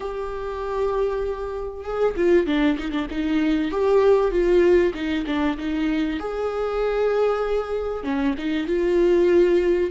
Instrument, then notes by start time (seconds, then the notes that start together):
viola
0.00 G4
1.84 G#4
2.16 F4
2.46 D4
2.78 D#4
2.91 D4
3.10 D#4
3.71 G4
4.31 F4
4.93 D#4
5.26 D4
5.57 D#4
6.19 G#4
8.03 C#4
8.38 D#4
8.66 F4